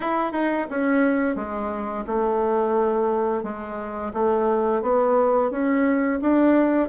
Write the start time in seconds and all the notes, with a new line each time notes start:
0.00 E4
0.32 D#4
0.70 C#4
1.35 G#3
2.06 A3
3.43 G#3
4.13 A3
4.82 B3
5.50 C#4
6.21 D4